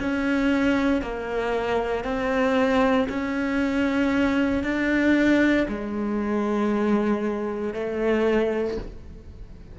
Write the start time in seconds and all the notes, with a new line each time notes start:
0.00 C#4
1.02 A#3
2.04 C4
3.09 C#4
4.64 D4
5.68 G#3
7.74 A3